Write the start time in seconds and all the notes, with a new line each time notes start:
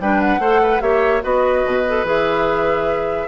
0.00 G3 D4 B4 G5
0.20 F#5
0.38 A3 A4 C5
0.62 B4
0.81 A#3 G4 C#5 E5
1.21 B3 F#4 B4 D#5
1.65 B2
1.88 A4
2.03 E3 G#4 E5